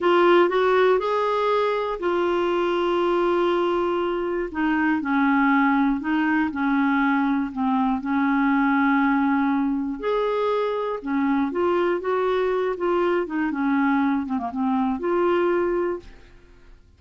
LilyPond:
\new Staff \with { instrumentName = "clarinet" } { \time 4/4 \tempo 4 = 120 f'4 fis'4 gis'2 | f'1~ | f'4 dis'4 cis'2 | dis'4 cis'2 c'4 |
cis'1 | gis'2 cis'4 f'4 | fis'4. f'4 dis'8 cis'4~ | cis'8 c'16 ais16 c'4 f'2 | }